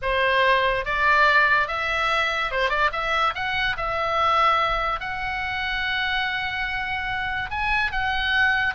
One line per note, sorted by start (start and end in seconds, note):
0.02 0.85 C5
0.85 1.67 D5
1.67 2.51 E5
2.51 2.69 C5
2.69 2.90 D5
2.92 3.34 E5
3.34 3.76 F#5
3.76 5.00 E5
5.00 7.50 F#5
7.50 7.91 G#5
7.91 8.74 F#5